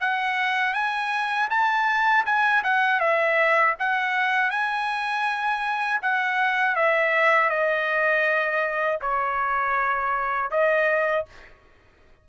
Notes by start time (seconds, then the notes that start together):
0.00 F#5
0.73 G#5
1.49 A5
2.25 G#5
2.63 F#5
2.99 E5
3.79 F#5
4.50 G#5
6.01 F#5
6.75 E5
7.49 D#5
9.01 C#5
10.50 D#5